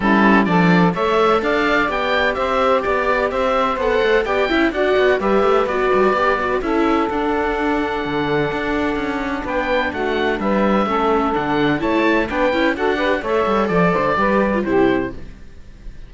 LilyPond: <<
  \new Staff \with { instrumentName = "oboe" } { \time 4/4 \tempo 4 = 127 a'4 d''4 e''4 f''4 | g''4 e''4 d''4 e''4 | fis''4 g''4 fis''4 e''4 | d''2 e''4 fis''4~ |
fis''1 | g''4 fis''4 e''2 | fis''4 a''4 g''4 fis''4 | e''4 d''2 c''4 | }
  \new Staff \with { instrumentName = "saxophone" } { \time 4/4 e'4 a'4 cis''4 d''4~ | d''4 c''4 d''4 c''4~ | c''4 d''8 e''8 d''4 b'4~ | b'2 a'2~ |
a'1 | b'4 fis'4 b'4 a'4~ | a'4 cis''4 b'4 a'8 b'8 | cis''4 d''8 c''8 b'4 g'4 | }
  \new Staff \with { instrumentName = "viola" } { \time 4/4 cis'4 d'4 a'2 | g'1 | a'4 g'8 e'8 fis'4 g'4 | fis'4 g'8 fis'8 e'4 d'4~ |
d'1~ | d'2. cis'4 | d'4 e'4 d'8 e'8 fis'8 g'8 | a'2 g'8. f'16 e'4 | }
  \new Staff \with { instrumentName = "cello" } { \time 4/4 g4 f4 a4 d'4 | b4 c'4 b4 c'4 | b8 a8 b8 cis'8 d'8 b8 g8 a8 | b8 g8 b4 cis'4 d'4~ |
d'4 d4 d'4 cis'4 | b4 a4 g4 a4 | d4 a4 b8 cis'8 d'4 | a8 g8 f8 d8 g4 c4 | }
>>